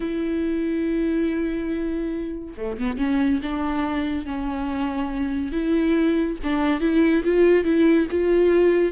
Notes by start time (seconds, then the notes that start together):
0.00 E4
2.56 A3
2.78 B3
2.97 C#4
3.42 D4
4.25 C#4
5.51 E4
6.43 D4
6.80 E4
7.23 F4
7.64 E4
8.11 F4